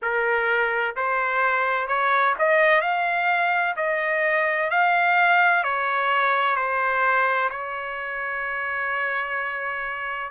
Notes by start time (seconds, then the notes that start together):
0.02 A#4
0.96 C5
1.87 C#5
2.38 D#5
2.81 F5
3.76 D#5
4.70 F5
5.63 C#5
6.55 C5
7.50 C#5